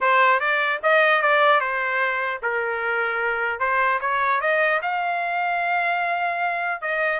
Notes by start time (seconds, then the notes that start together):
0.01 C5
0.39 D5
0.83 D#5
1.22 D5
1.60 C5
2.42 A#4
3.59 C5
4.01 C#5
4.41 D#5
4.82 F5
6.81 D#5